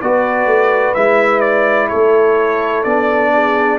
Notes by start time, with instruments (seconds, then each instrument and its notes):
0.00 tuba B3, trombone F#4, horn B4, trumpet D5
0.46 tuba A3
0.94 tuba G#3, trombone E4, trumpet E5
1.40 trumpet D5
1.88 tuba A3, horn A4, trumpet C#5
2.83 tuba B3, trombone D4, trumpet D5
3.33 horn G#4